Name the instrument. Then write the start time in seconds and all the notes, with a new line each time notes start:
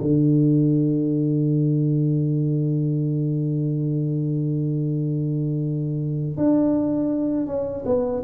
tuba
0.00 D3
6.37 D4
7.47 C#4
7.85 B3